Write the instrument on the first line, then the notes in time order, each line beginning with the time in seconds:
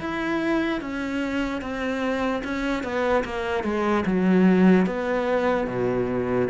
cello
0.00 E4
0.81 C#4
1.61 C4
2.44 C#4
2.83 B3
3.25 A#3
3.64 G#3
4.06 F#3
4.86 B3
5.67 B2